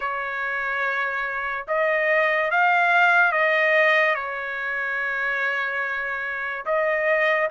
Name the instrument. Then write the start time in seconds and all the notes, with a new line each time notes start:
trumpet
0.00 C#5
1.67 D#5
2.50 F5
3.31 D#5
4.14 C#5
6.65 D#5